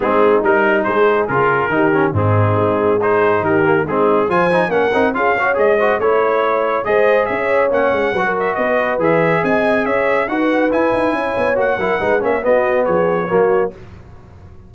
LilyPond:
<<
  \new Staff \with { instrumentName = "trumpet" } { \time 4/4 \tempo 4 = 140 gis'4 ais'4 c''4 ais'4~ | ais'4 gis'2 c''4 | ais'4 gis'4 gis''4 fis''4 | f''4 dis''4 cis''2 |
dis''4 e''4 fis''4. e''8 | dis''4 e''4 gis''4 e''4 | fis''4 gis''2 fis''4~ | fis''8 e''8 dis''4 cis''2 | }
  \new Staff \with { instrumentName = "horn" } { \time 4/4 dis'2 gis'2 | g'4 dis'2 gis'4 | g'4 dis'4 c''4 ais'4 | gis'8 cis''4 c''8 cis''2 |
c''4 cis''2 b'16 ais'8. | b'2 dis''4 cis''4 | b'2 cis''4. ais'8 | b'8 cis''8 fis'4 gis'4 fis'4 | }
  \new Staff \with { instrumentName = "trombone" } { \time 4/4 c'4 dis'2 f'4 | dis'8 cis'8 c'2 dis'4~ | dis'8 ais8 c'4 f'8 dis'8 cis'8 dis'8 | f'8 fis'8 gis'8 fis'8 e'2 |
gis'2 cis'4 fis'4~ | fis'4 gis'2. | fis'4 e'2 fis'8 e'8 | dis'8 cis'8 b2 ais4 | }
  \new Staff \with { instrumentName = "tuba" } { \time 4/4 gis4 g4 gis4 cis4 | dis4 gis,4 gis2 | dis4 gis4 f4 ais8 c'8 | cis'4 gis4 a2 |
gis4 cis'4 ais8 gis8 fis4 | b4 e4 c'4 cis'4 | dis'4 e'8 dis'8 cis'8 b8 ais8 fis8 | gis8 ais8 b4 f4 fis4 | }
>>